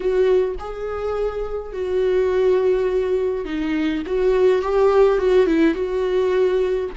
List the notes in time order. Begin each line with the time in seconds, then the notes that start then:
0.00 F#4
0.59 G#4
1.72 F#4
3.45 D#4
4.06 F#4
4.62 G4
5.18 F#4
5.46 E4
5.74 F#4